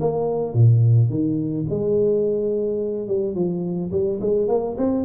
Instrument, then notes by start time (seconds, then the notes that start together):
tuba
0.00 A#3
0.53 A#2
1.09 D#3
1.69 G#3
3.07 G3
3.35 F3
3.91 G3
4.21 G#3
4.48 A#3
4.77 C4